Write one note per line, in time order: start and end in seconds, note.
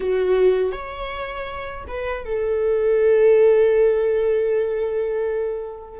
0.00 0.72 F#4
0.72 1.84 C#5
1.88 2.25 B4
2.25 5.99 A4